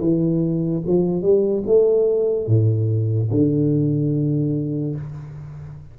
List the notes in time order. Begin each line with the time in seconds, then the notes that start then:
0.00 E3
0.86 F3
1.22 G3
1.66 A3
2.47 A2
3.31 D3